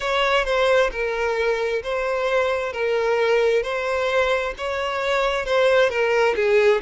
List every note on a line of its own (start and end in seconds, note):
0.00 0.45 C#5
0.45 0.90 C5
0.91 1.82 A#4
1.83 2.73 C5
2.73 3.62 A#4
3.62 4.53 C5
4.57 5.45 C#5
5.45 5.89 C5
5.89 6.34 A#4
6.35 6.81 G#4